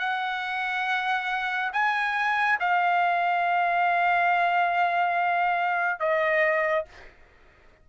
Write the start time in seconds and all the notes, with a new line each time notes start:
0.00 F#5
1.73 G#5
2.60 F5
6.00 D#5